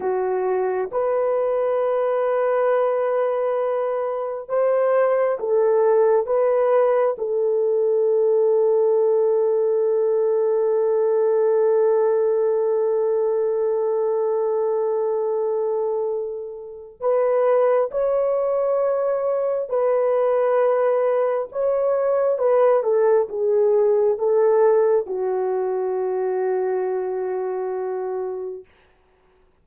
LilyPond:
\new Staff \with { instrumentName = "horn" } { \time 4/4 \tempo 4 = 67 fis'4 b'2.~ | b'4 c''4 a'4 b'4 | a'1~ | a'1~ |
a'2. b'4 | cis''2 b'2 | cis''4 b'8 a'8 gis'4 a'4 | fis'1 | }